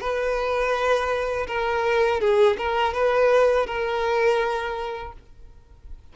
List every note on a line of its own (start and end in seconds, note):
0.00 1.46 B4
1.47 2.20 A#4
2.20 2.57 G#4
2.57 2.93 A#4
2.93 3.66 B4
3.66 5.13 A#4